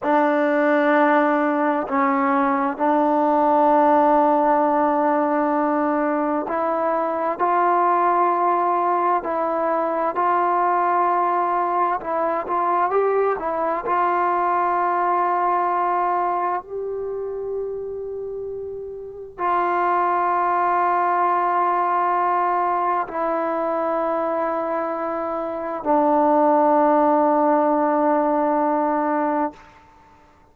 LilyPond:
\new Staff \with { instrumentName = "trombone" } { \time 4/4 \tempo 4 = 65 d'2 cis'4 d'4~ | d'2. e'4 | f'2 e'4 f'4~ | f'4 e'8 f'8 g'8 e'8 f'4~ |
f'2 g'2~ | g'4 f'2.~ | f'4 e'2. | d'1 | }